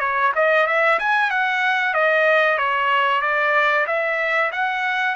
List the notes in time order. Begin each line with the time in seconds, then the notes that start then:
0.00 C#5
0.35 D#5
0.67 E5
0.99 G#5
1.30 F#5
1.94 D#5
2.58 C#5
3.22 D5
3.87 E5
4.52 F#5